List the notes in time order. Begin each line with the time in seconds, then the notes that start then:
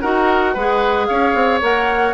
0.00 D#4 F#4 A#4 F#5
0.53 G#3 G#4 B4
1.06 C#4 C#5 F5
1.34 C4
1.61 A#3 A#4 F#5